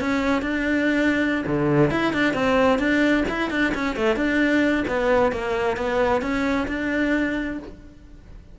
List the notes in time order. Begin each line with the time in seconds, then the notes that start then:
0.00 C#4
0.42 D4
1.47 D3
1.91 E4
2.14 D4
2.34 C4
2.79 D4
3.29 E4
3.51 D4
3.75 C#4
3.96 A3
4.16 D4
4.88 B3
5.32 A#3
5.77 B3
6.21 C#4
6.68 D4